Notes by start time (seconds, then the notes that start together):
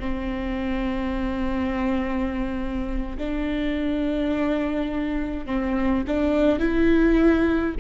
0.00 C4
3.18 D4
5.46 C4
6.07 D4
6.60 E4